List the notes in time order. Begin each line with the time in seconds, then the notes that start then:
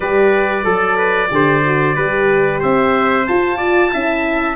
0.00 G3 G4 B4 D5
0.63 F#3 A4
0.97 B4
1.30 D3 G4 C5
1.63 F#4
1.95 G3 G4 B4
2.60 C4 C5 E5
3.26 F4 A5
3.57 D5
3.90 C#4 E4 E5